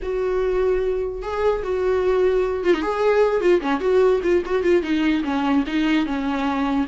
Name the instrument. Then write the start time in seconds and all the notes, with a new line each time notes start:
viola
0.02 F#4
1.22 G#4
1.63 F#4
2.63 F4
2.74 D#4
2.82 G#4
3.40 F4
3.61 C#4
3.80 F#4
4.23 F4
4.45 F#4
4.63 F4
4.82 D#4
5.23 C#4
5.67 D#4
6.05 C#4